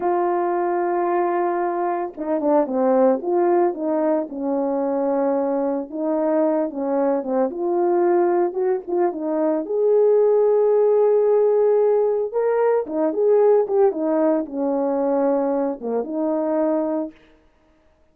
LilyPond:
\new Staff \with { instrumentName = "horn" } { \time 4/4 \tempo 4 = 112 f'1 | dis'8 d'8 c'4 f'4 dis'4 | cis'2. dis'4~ | dis'8 cis'4 c'8 f'2 |
fis'8 f'8 dis'4 gis'2~ | gis'2. ais'4 | dis'8 gis'4 g'8 dis'4 cis'4~ | cis'4. ais8 dis'2 | }